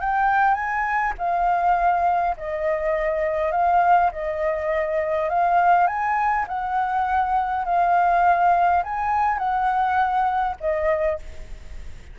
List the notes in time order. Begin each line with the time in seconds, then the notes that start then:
0.00 G5
0.54 G#5
1.18 F5
2.37 D#5
3.52 F5
4.12 D#5
5.29 F5
5.87 G#5
6.48 F#5
7.65 F5
8.83 G#5
9.38 F#5
10.60 D#5